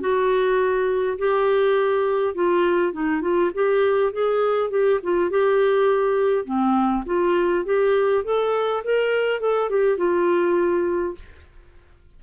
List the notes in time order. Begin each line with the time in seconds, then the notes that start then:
0.00 F#4
1.18 G4
2.34 F4
2.93 D#4
3.21 F4
3.54 G4
4.13 G#4
4.70 G4
5.03 F4
5.30 G4
6.45 C4
7.06 F4
7.65 G4
8.24 A4
8.84 A#4
9.40 A4
9.70 G4
9.97 F4